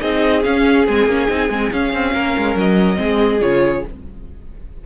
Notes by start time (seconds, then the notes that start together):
0.00 C4 D#4 G#4 D#5
0.43 C#4 F5
0.87 G#3 C4 G#5
1.06 A#3 C#4
1.28 C4 D#4
1.49 G#3 C4
1.72 C#4 F5
1.93 C4
2.13 A#3 A#4
2.37 G#3
2.55 F#3 D#5
2.96 G#3 C4 G#4
3.41 C#3 F4 C#5